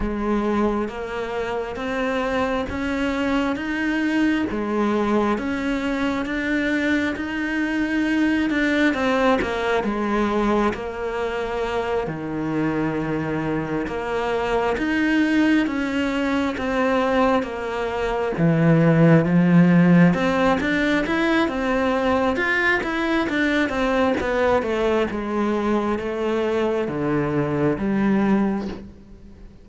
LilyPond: \new Staff \with { instrumentName = "cello" } { \time 4/4 \tempo 4 = 67 gis4 ais4 c'4 cis'4 | dis'4 gis4 cis'4 d'4 | dis'4. d'8 c'8 ais8 gis4 | ais4. dis2 ais8~ |
ais8 dis'4 cis'4 c'4 ais8~ | ais8 e4 f4 c'8 d'8 e'8 | c'4 f'8 e'8 d'8 c'8 b8 a8 | gis4 a4 d4 g4 | }